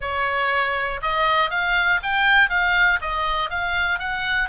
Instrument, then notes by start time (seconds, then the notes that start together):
oboe
0.00 C#5
1.02 D#5
1.50 F5
2.02 G5
2.49 F5
3.01 D#5
3.50 F5
3.99 F#5